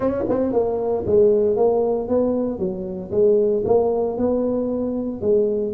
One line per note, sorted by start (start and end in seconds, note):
0.00 0.23 C#4
0.28 0.52 C4
0.52 1.05 A#3
1.06 1.56 G#3
1.56 2.08 A#3
2.08 2.58 B3
2.58 3.10 F#3
3.11 3.63 G#3
3.65 4.17 A#3
4.17 5.21 B3
5.21 5.73 G#3